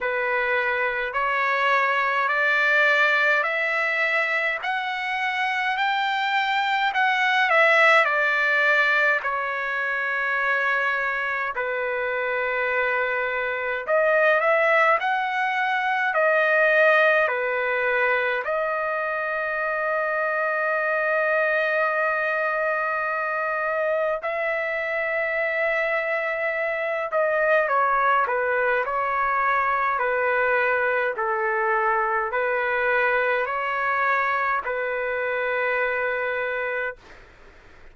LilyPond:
\new Staff \with { instrumentName = "trumpet" } { \time 4/4 \tempo 4 = 52 b'4 cis''4 d''4 e''4 | fis''4 g''4 fis''8 e''8 d''4 | cis''2 b'2 | dis''8 e''8 fis''4 dis''4 b'4 |
dis''1~ | dis''4 e''2~ e''8 dis''8 | cis''8 b'8 cis''4 b'4 a'4 | b'4 cis''4 b'2 | }